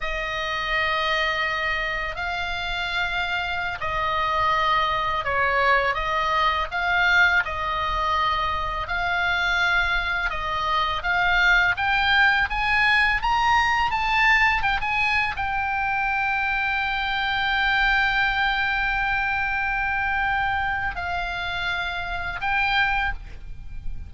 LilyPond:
\new Staff \with { instrumentName = "oboe" } { \time 4/4 \tempo 4 = 83 dis''2. f''4~ | f''4~ f''16 dis''2 cis''8.~ | cis''16 dis''4 f''4 dis''4.~ dis''16~ | dis''16 f''2 dis''4 f''8.~ |
f''16 g''4 gis''4 ais''4 a''8.~ | a''16 g''16 gis''8. g''2~ g''8.~ | g''1~ | g''4 f''2 g''4 | }